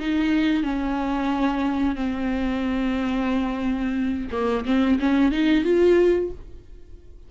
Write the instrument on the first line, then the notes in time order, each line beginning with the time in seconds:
viola
0.00 D#4
0.64 C#4
1.96 C4
4.32 A#3
4.66 C4
5.00 C#4
5.32 D#4
5.64 F4